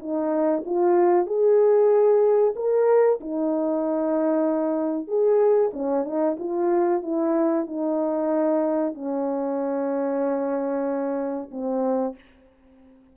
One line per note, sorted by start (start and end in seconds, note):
0.00 0.64 D#4
0.66 1.26 F4
1.26 2.54 G#4
2.56 3.19 A#4
3.20 5.08 D#4
5.08 5.72 G#4
5.73 6.05 C#4
6.05 6.37 D#4
6.39 7.02 F4
7.02 7.66 E4
7.67 8.94 D#4
8.95 11.50 C#4
11.51 12.15 C4